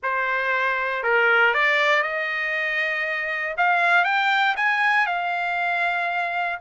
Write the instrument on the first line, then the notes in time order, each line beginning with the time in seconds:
trumpet
0.02 C5
1.03 A#4
1.54 D5
2.02 D#5
3.57 F5
4.04 G5
4.56 G#5
5.06 F5